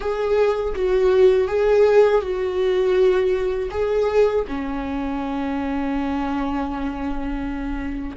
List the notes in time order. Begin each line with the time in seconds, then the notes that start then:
0.00 G#4
0.75 F#4
1.47 G#4
2.21 F#4
3.70 G#4
4.47 C#4